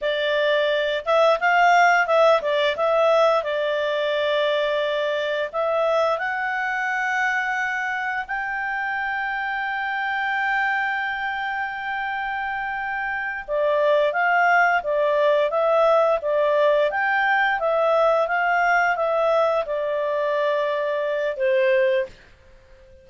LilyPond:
\new Staff \with { instrumentName = "clarinet" } { \time 4/4 \tempo 4 = 87 d''4. e''8 f''4 e''8 d''8 | e''4 d''2. | e''4 fis''2. | g''1~ |
g''2.~ g''8 d''8~ | d''8 f''4 d''4 e''4 d''8~ | d''8 g''4 e''4 f''4 e''8~ | e''8 d''2~ d''8 c''4 | }